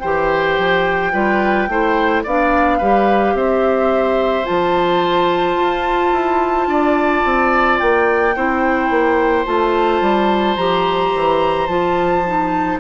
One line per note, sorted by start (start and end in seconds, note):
0.00 0.58 E3
0.00 1.12 G4
0.00 1.12 C5
0.00 2.22 G5
0.58 1.13 F3
1.12 1.68 G3
1.12 1.68 F4
1.12 1.68 B4
1.68 2.24 A3
1.68 2.25 E4
1.68 2.24 C5
2.24 2.81 B3
2.24 2.81 D4
2.24 2.78 D5
2.24 3.36 F5
2.78 3.34 G3
2.78 4.44 G4
2.78 3.33 B4
3.34 4.45 C4
3.34 6.69 C5
3.34 4.46 E5
4.44 5.56 F3
4.44 8.33 F4
4.44 7.78 A5
5.56 6.12 F4
6.12 6.67 E4
6.67 7.22 D4
6.67 8.35 D5
7.25 7.80 C4
7.78 8.36 A#3
7.78 9.45 G5
8.36 8.90 C4
8.36 9.45 E4
8.36 12.80 C5
8.90 9.46 A#3
9.45 10.01 A3
9.45 10.56 F4
9.45 10.57 A5
10.01 10.57 G3
10.57 11.12 F3
10.57 11.68 G4
10.57 11.67 A#5
11.16 11.68 E3
11.67 12.79 F3
11.67 12.24 F4
11.67 12.78 A5
12.26 12.80 D#4